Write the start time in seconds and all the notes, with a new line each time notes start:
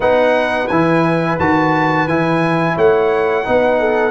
0.00 B3 D#4 B4 F#5
0.67 E3 E4 G#5
1.39 D#3 F#4 A5
2.06 E3 E4 G#5
2.75 A3 C#5 F#5
3.45 B3 D#4 B4
3.79 A4